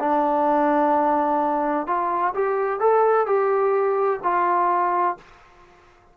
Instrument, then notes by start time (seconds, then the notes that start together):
trombone
0.00 D4
1.87 F4
2.35 G4
2.80 A4
3.27 G4
4.24 F4